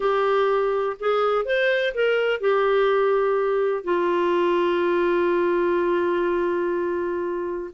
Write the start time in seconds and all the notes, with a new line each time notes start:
0.00 G4
0.99 G#4
1.45 C5
1.94 A#4
2.40 G4
3.84 F4